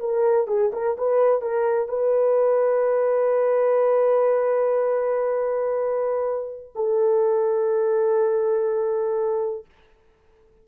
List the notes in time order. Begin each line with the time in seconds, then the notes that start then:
0.00 A#4
0.48 G#4
0.73 A#4
0.98 B4
1.42 A#4
1.89 B4
6.76 A4